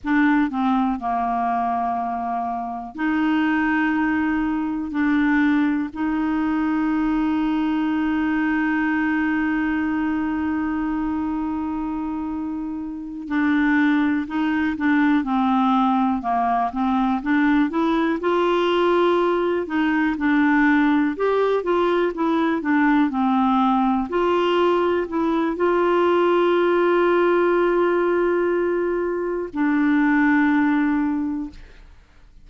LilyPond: \new Staff \with { instrumentName = "clarinet" } { \time 4/4 \tempo 4 = 61 d'8 c'8 ais2 dis'4~ | dis'4 d'4 dis'2~ | dis'1~ | dis'4. d'4 dis'8 d'8 c'8~ |
c'8 ais8 c'8 d'8 e'8 f'4. | dis'8 d'4 g'8 f'8 e'8 d'8 c'8~ | c'8 f'4 e'8 f'2~ | f'2 d'2 | }